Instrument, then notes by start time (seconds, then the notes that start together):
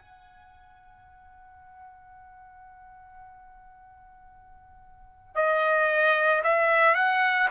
trumpet
0.00 F#5
5.36 D#5
6.44 E5
6.95 F#5